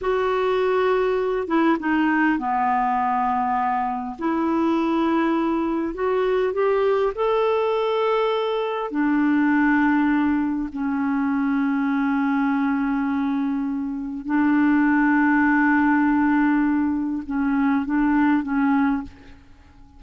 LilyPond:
\new Staff \with { instrumentName = "clarinet" } { \time 4/4 \tempo 4 = 101 fis'2~ fis'8 e'8 dis'4 | b2. e'4~ | e'2 fis'4 g'4 | a'2. d'4~ |
d'2 cis'2~ | cis'1 | d'1~ | d'4 cis'4 d'4 cis'4 | }